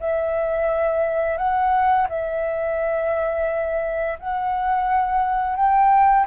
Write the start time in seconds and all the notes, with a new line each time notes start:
0.00 E5
1.37 F#5
2.09 E5
4.19 F#5
5.56 G5